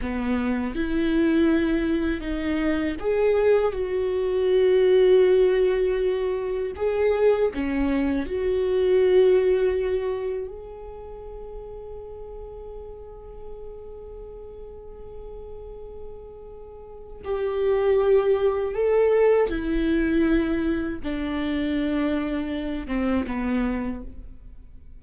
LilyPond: \new Staff \with { instrumentName = "viola" } { \time 4/4 \tempo 4 = 80 b4 e'2 dis'4 | gis'4 fis'2.~ | fis'4 gis'4 cis'4 fis'4~ | fis'2 gis'2~ |
gis'1~ | gis'2. g'4~ | g'4 a'4 e'2 | d'2~ d'8 c'8 b4 | }